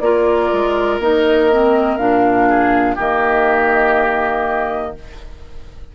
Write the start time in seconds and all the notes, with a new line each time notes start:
0.00 A#3 F4 A#4 D5
0.53 G#3
0.99 A#3 D#4 D#5
1.52 C4
1.97 A#2 D4 F5
2.49 G#4
2.96 D#3 A#3 G4 D#5